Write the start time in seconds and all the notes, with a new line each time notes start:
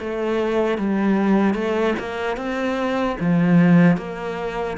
0.00 A3
0.79 G3
1.55 A3
2.00 A#3
2.37 C4
3.21 F3
3.97 A#3